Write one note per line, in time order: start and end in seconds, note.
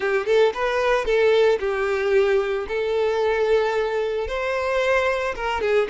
0.00 0.26 G4
0.26 0.52 A4
0.54 1.05 B4
1.05 1.58 A4
1.59 2.66 G4
2.68 4.27 A4
4.27 5.34 C5
5.35 5.61 A#4
5.61 5.88 G#4